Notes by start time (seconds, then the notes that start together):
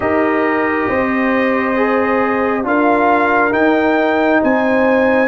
0.00 D#4 G4 A#4 D#5
0.88 C4 C5
1.76 G#4
2.63 D4 F4 A#4 F5
3.51 D#4 G5
4.42 C4 C5 G#5